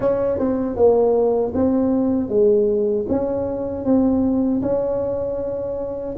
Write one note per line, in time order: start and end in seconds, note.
0.00 0.38 C#4
0.38 0.76 C4
0.76 1.52 A#3
1.54 2.29 C4
2.29 3.06 G#3
3.08 3.84 C#4
3.84 4.61 C4
4.62 6.15 C#4